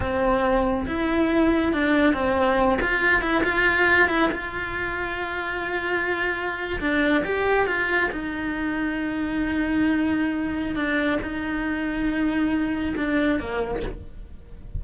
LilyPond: \new Staff \with { instrumentName = "cello" } { \time 4/4 \tempo 4 = 139 c'2 e'2 | d'4 c'4. f'4 e'8 | f'4. e'8 f'2~ | f'2.~ f'8. d'16~ |
d'8. g'4 f'4 dis'4~ dis'16~ | dis'1~ | dis'4 d'4 dis'2~ | dis'2 d'4 ais4 | }